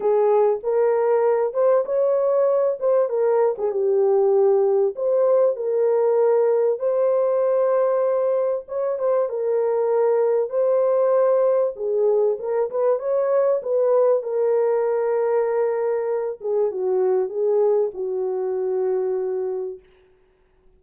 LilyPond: \new Staff \with { instrumentName = "horn" } { \time 4/4 \tempo 4 = 97 gis'4 ais'4. c''8 cis''4~ | cis''8 c''8 ais'8. gis'16 g'2 | c''4 ais'2 c''4~ | c''2 cis''8 c''8 ais'4~ |
ais'4 c''2 gis'4 | ais'8 b'8 cis''4 b'4 ais'4~ | ais'2~ ais'8 gis'8 fis'4 | gis'4 fis'2. | }